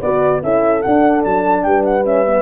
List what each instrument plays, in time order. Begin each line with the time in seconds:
0.00 tuba B3, horn F#4 B4, flute D5
0.42 tuba C#4, horn E4 A4, flute E5
0.82 horn D4, tuba D4, flute F#5
1.24 tuba F#3, flute A5
1.63 tuba G3, horn B4, flute G5
1.85 flute F#5
2.04 horn C#4, flute E5
2.26 horn B3